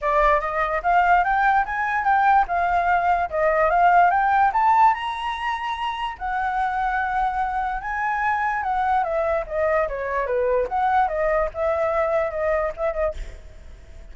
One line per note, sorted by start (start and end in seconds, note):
0.01 0.40 D5
0.40 0.81 D#5
0.83 1.23 F5
1.23 1.65 G5
1.65 2.04 G#5
2.04 2.45 G5
2.47 3.29 F5
3.30 3.70 D#5
3.70 4.10 F5
4.10 4.51 G5
4.52 4.93 A5
4.93 6.17 A#5
6.18 7.81 F#5
7.81 8.63 G#5
8.63 9.03 F#5
9.03 9.44 E5
9.47 9.88 D#5
9.88 10.26 C#5
10.26 10.67 B4
10.68 11.08 F#5
11.08 11.49 D#5
11.54 12.30 E5
12.30 12.71 D#5
12.76 12.93 E5
12.93 13.13 D#5